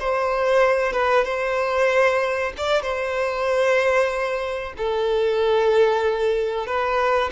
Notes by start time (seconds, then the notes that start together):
0.00 C5
0.93 B4
1.25 C5
2.58 D5
2.82 C5
4.78 A4
6.67 B4